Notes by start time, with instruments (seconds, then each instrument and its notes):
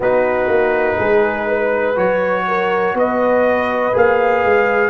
0.00 tuba B3, trombone D#4, horn F#4, trumpet B4
0.48 tuba A#3
0.97 tuba G#3, horn G#4
1.47 horn B4
1.95 tuba F#3, trombone F#4, trumpet C#5
2.47 horn A#4
2.93 tuba B3, horn B4, trumpet D#5
3.93 tuba A#3, trombone G#4, trumpet F5
4.44 tuba G#3